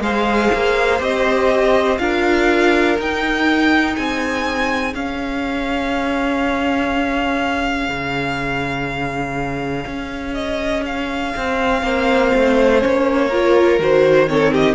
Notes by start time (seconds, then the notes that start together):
0.00 G#3 G#4 C5 F5
0.54 A#3
0.99 C4 G4 D#5
1.98 D4 F4 A#4 F5
2.98 D#4 G5
3.95 C4 G#4 G#5
4.93 C#4 F5
7.88 C#3
9.86 C#4
10.34 D#5
10.85 F5
11.36 C4
11.82 A#3 C4 C5
12.35 A3
12.80 A#3 C#4 C#5
13.27 F4 A#4
13.79 D#3 F#4 C5
14.28 C4 A4 C#5
14.52 G4 D#5